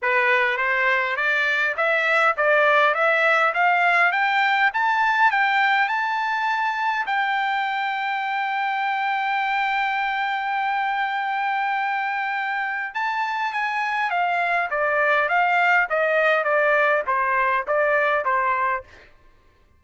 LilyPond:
\new Staff \with { instrumentName = "trumpet" } { \time 4/4 \tempo 4 = 102 b'4 c''4 d''4 e''4 | d''4 e''4 f''4 g''4 | a''4 g''4 a''2 | g''1~ |
g''1~ | g''2 a''4 gis''4 | f''4 d''4 f''4 dis''4 | d''4 c''4 d''4 c''4 | }